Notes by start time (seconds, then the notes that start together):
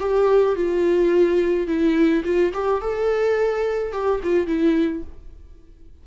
0.00 G4
0.56 F4
1.67 E4
2.25 F4
2.54 G4
2.82 A4
3.93 G4
4.24 F4
4.47 E4